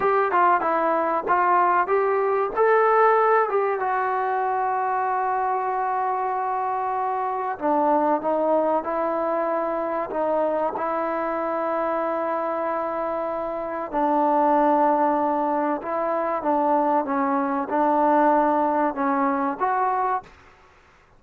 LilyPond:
\new Staff \with { instrumentName = "trombone" } { \time 4/4 \tempo 4 = 95 g'8 f'8 e'4 f'4 g'4 | a'4. g'8 fis'2~ | fis'1 | d'4 dis'4 e'2 |
dis'4 e'2.~ | e'2 d'2~ | d'4 e'4 d'4 cis'4 | d'2 cis'4 fis'4 | }